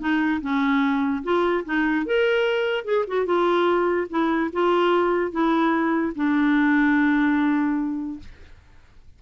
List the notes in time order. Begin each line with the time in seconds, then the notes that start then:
0.00 D#4
0.42 C#4
1.23 F4
1.65 D#4
2.06 A#4
2.85 G#4
3.08 F#4
3.26 F4
4.10 E4
4.53 F4
5.32 E4
6.16 D4